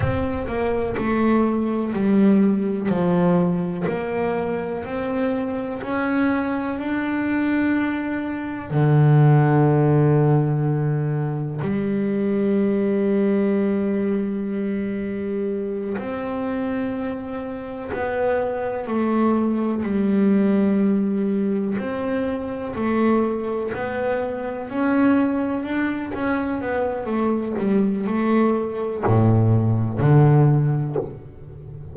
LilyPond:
\new Staff \with { instrumentName = "double bass" } { \time 4/4 \tempo 4 = 62 c'8 ais8 a4 g4 f4 | ais4 c'4 cis'4 d'4~ | d'4 d2. | g1~ |
g8 c'2 b4 a8~ | a8 g2 c'4 a8~ | a8 b4 cis'4 d'8 cis'8 b8 | a8 g8 a4 a,4 d4 | }